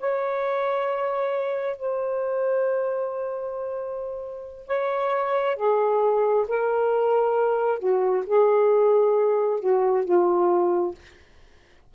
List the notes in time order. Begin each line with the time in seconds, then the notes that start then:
0.00 C#5
1.77 C5
4.67 C#5
5.56 G#4
6.48 A#4
7.79 F#4
8.26 G#4
9.60 F#4
10.05 F4